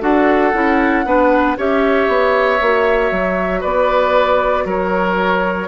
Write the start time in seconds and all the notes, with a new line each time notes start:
0.00 D4 F#4 A4 F#5
0.53 C#4 E4
1.05 B3 D4 B4
1.57 C#4 G4 C#5 E5
2.08 B3
2.59 A#3 F#4
3.11 F#3
3.60 B3 B4 D5
4.65 F#3 A#4 C#5